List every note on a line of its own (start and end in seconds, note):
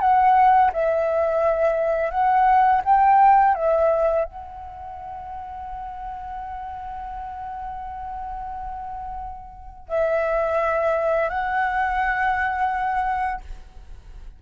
0.00 0.71 F#5
0.73 2.10 E5
2.10 2.81 F#5
2.84 3.54 G5
3.54 4.24 E5
4.24 9.88 F#5
9.88 11.29 E5
11.29 13.41 F#5